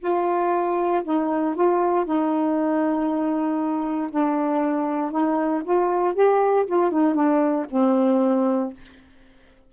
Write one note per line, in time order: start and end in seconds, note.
0.00 1.03 F4
1.04 1.55 D#4
1.55 2.05 F4
2.05 4.10 D#4
4.11 5.11 D4
5.11 5.63 D#4
5.65 6.15 F4
6.15 6.66 G4
6.66 6.91 F4
6.91 7.15 D#4
7.15 7.66 D4
7.71 8.73 C4